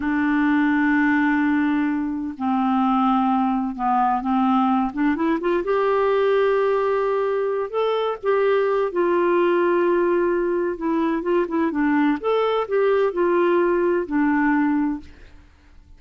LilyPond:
\new Staff \with { instrumentName = "clarinet" } { \time 4/4 \tempo 4 = 128 d'1~ | d'4 c'2. | b4 c'4. d'8 e'8 f'8 | g'1~ |
g'8 a'4 g'4. f'4~ | f'2. e'4 | f'8 e'8 d'4 a'4 g'4 | f'2 d'2 | }